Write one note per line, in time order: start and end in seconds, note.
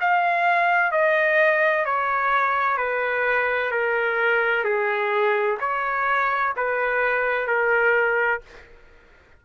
0.00 0.91 F5
0.91 1.85 D#5
1.85 2.77 C#5
2.77 3.71 B4
3.71 4.64 A#4
4.64 5.58 G#4
5.60 6.53 C#5
6.56 7.47 B4
7.47 8.41 A#4